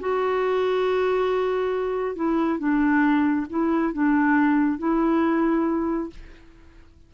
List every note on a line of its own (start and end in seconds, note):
0.00 2.15 F#4
2.15 2.59 E4
2.59 3.46 D4
3.50 3.93 E4
3.93 4.78 D4
4.78 6.10 E4